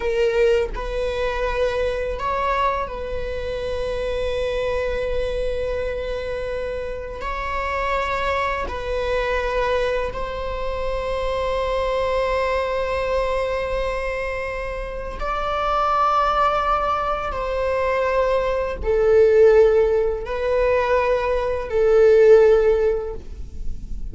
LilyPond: \new Staff \with { instrumentName = "viola" } { \time 4/4 \tempo 4 = 83 ais'4 b'2 cis''4 | b'1~ | b'2 cis''2 | b'2 c''2~ |
c''1~ | c''4 d''2. | c''2 a'2 | b'2 a'2 | }